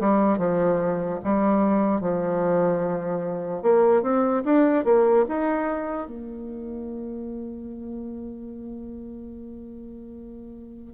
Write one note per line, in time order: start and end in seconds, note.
0.00 0.38 G3
0.38 1.19 F3
1.24 2.01 G3
2.01 3.62 F3
3.62 4.02 A#3
4.02 4.43 C4
4.44 4.84 D4
4.84 5.25 A#3
5.28 6.07 D#4
6.07 10.93 A#3